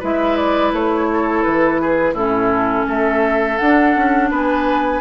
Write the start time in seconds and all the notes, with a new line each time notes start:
0.00 G#3 E4 B4 E5
0.37 D5
0.73 A3 C#5
1.14 A4
1.43 E3 B4
1.82 G#4
2.13 A2 C#4 E4 A4
2.88 A3 A4 E5
3.58 D4 F#5
3.97 C#4
4.30 B3 B4 G#5